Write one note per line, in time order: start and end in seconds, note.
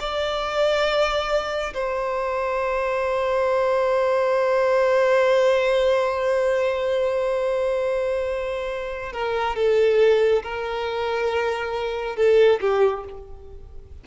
0.00 1.74 D5
1.74 9.13 C5
9.13 9.56 A#4
9.56 10.43 A4
10.43 12.17 A#4
12.17 12.60 A4
12.61 13.04 G4